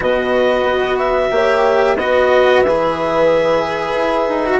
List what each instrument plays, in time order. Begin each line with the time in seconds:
0.00 bassoon B2, cello F#4, horn B4, clarinet D#5
0.63 bassoon B3
0.98 clarinet E5
1.30 bassoon A#3, cello G4, horn C#5
1.96 bassoon B3, cello F#4, horn B4, clarinet D#5
2.62 bassoon E3, cello G#4, clarinet E5
3.96 bassoon E4
4.28 bassoon D#4
4.45 cello F#4